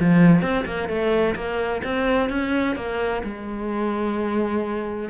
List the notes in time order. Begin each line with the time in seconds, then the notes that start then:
0.00 F3
0.42 C4
0.66 A#3
0.89 A3
1.36 A#3
1.84 C4
2.30 C#4
2.76 A#3
3.24 G#3